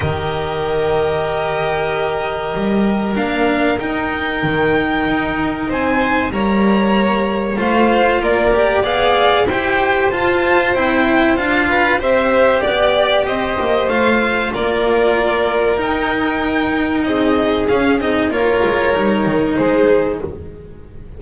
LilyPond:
<<
  \new Staff \with { instrumentName = "violin" } { \time 4/4 \tempo 4 = 95 dis''1~ | dis''4 f''4 g''2~ | g''4 gis''4 ais''2 | f''4 d''4 f''4 g''4 |
a''4 g''4 f''4 e''4 | d''4 dis''4 f''4 d''4~ | d''4 g''2 dis''4 | f''8 dis''8 cis''2 c''4 | }
  \new Staff \with { instrumentName = "violin" } { \time 4/4 ais'1~ | ais'1~ | ais'4 c''4 cis''2 | c''4 ais'4 d''4 c''4~ |
c''2~ c''8 b'8 c''4 | d''4 c''2 ais'4~ | ais'2. gis'4~ | gis'4 ais'2 gis'4 | }
  \new Staff \with { instrumentName = "cello" } { \time 4/4 g'1~ | g'4 d'4 dis'2~ | dis'2 ais2 | f'4. g'8 gis'4 g'4 |
f'4 e'4 f'4 g'4~ | g'2 f'2~ | f'4 dis'2. | cis'8 dis'8 f'4 dis'2 | }
  \new Staff \with { instrumentName = "double bass" } { \time 4/4 dis1 | g4 ais4 dis'4 dis4 | dis'4 c'4 g2 | a4 ais4 b4 e'4 |
f'4 c'4 d'4 c'4 | b4 c'8 ais8 a4 ais4~ | ais4 dis'2 c'4 | cis'8 c'8 ais8 gis8 g8 dis8 gis4 | }
>>